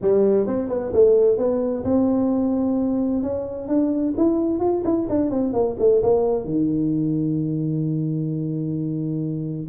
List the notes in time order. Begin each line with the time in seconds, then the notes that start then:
0.01 G3
0.47 C4
0.68 B3
0.93 A3
1.37 B3
1.84 C4
3.22 C#4
3.68 D4
4.17 E4
4.59 F4
4.84 E4
5.09 D4
5.30 C4
5.53 A#3
5.79 A3
6.02 A#3
6.44 D#3